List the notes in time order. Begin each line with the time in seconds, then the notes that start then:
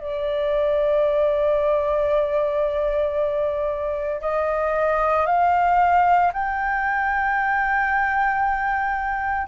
0.00 D5
4.21 D#5
5.26 F5
6.33 G5